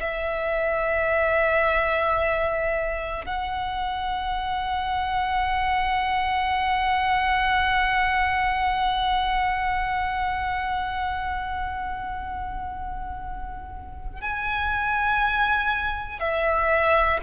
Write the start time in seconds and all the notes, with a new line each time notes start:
0.00 E5
3.25 F#5
14.21 G#5
16.20 E5